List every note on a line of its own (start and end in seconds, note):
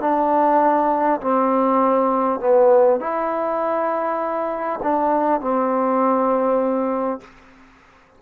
0.00 1.20 D4
1.20 2.39 C4
2.39 2.99 B3
3.00 4.80 E4
4.82 5.40 D4
5.40 7.20 C4